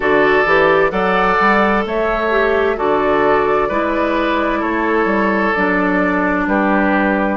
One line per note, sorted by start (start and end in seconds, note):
0.00 0.43 D3
0.00 0.45 F#4
0.00 0.91 A4
0.00 0.90 D5
0.46 0.91 E3
0.46 0.89 G4
0.89 1.37 F#3
0.89 2.28 A4
0.89 1.84 D5
0.89 1.82 F#5
1.39 1.85 G3
1.85 2.77 A3
1.85 2.76 C#5
1.85 2.78 E5
2.30 2.76 G4
2.76 3.70 D3
2.76 3.68 F#4
2.76 3.68 A4
2.76 4.62 D5
3.68 4.62 G#3
3.68 5.54 E4
3.68 4.59 B4
4.59 5.05 A3
4.59 6.44 A4
4.59 5.53 C#5
5.05 5.51 G3
5.53 6.47 F#3
5.53 7.37 D4
5.53 6.46 D5
6.47 7.37 G3
6.47 7.37 G4
6.47 7.37 B4